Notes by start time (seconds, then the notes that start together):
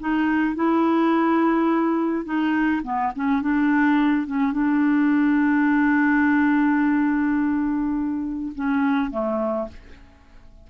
0.00 D#4
0.56 E4
2.25 D#4
2.83 B3
3.16 C#4
3.42 D4
4.27 C#4
4.52 D4
8.56 C#4
9.11 A3